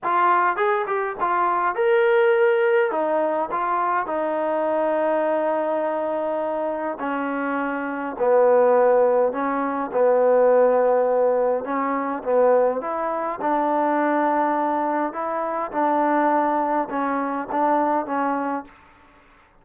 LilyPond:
\new Staff \with { instrumentName = "trombone" } { \time 4/4 \tempo 4 = 103 f'4 gis'8 g'8 f'4 ais'4~ | ais'4 dis'4 f'4 dis'4~ | dis'1 | cis'2 b2 |
cis'4 b2. | cis'4 b4 e'4 d'4~ | d'2 e'4 d'4~ | d'4 cis'4 d'4 cis'4 | }